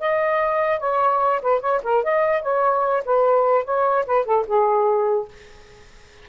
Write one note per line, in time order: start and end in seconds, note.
0.00 0.80 D#5
0.80 1.41 C#5
1.42 1.61 B4
1.61 1.81 C#5
1.84 2.04 A#4
2.04 2.42 D#5
2.42 3.04 C#5
3.06 3.65 B4
3.65 4.06 C#5
4.07 4.26 B4
4.26 4.46 A4
4.47 5.29 G#4